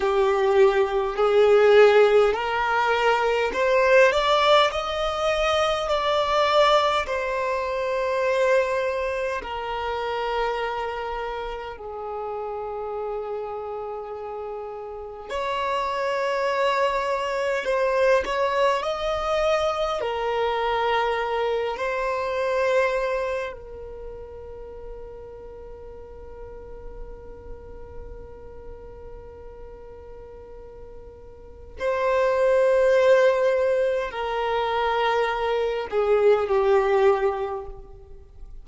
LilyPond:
\new Staff \with { instrumentName = "violin" } { \time 4/4 \tempo 4 = 51 g'4 gis'4 ais'4 c''8 d''8 | dis''4 d''4 c''2 | ais'2 gis'2~ | gis'4 cis''2 c''8 cis''8 |
dis''4 ais'4. c''4. | ais'1~ | ais'2. c''4~ | c''4 ais'4. gis'8 g'4 | }